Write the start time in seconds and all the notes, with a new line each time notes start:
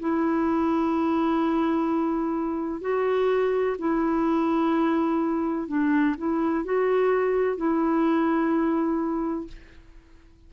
0.00 E4
2.82 F#4
3.79 E4
5.68 D4
6.18 E4
6.65 F#4
7.58 E4